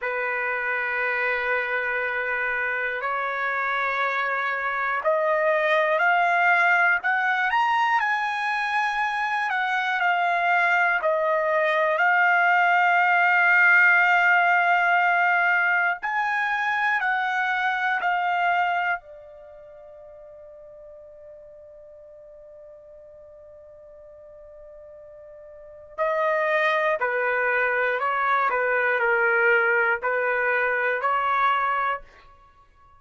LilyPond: \new Staff \with { instrumentName = "trumpet" } { \time 4/4 \tempo 4 = 60 b'2. cis''4~ | cis''4 dis''4 f''4 fis''8 ais''8 | gis''4. fis''8 f''4 dis''4 | f''1 |
gis''4 fis''4 f''4 d''4~ | d''1~ | d''2 dis''4 b'4 | cis''8 b'8 ais'4 b'4 cis''4 | }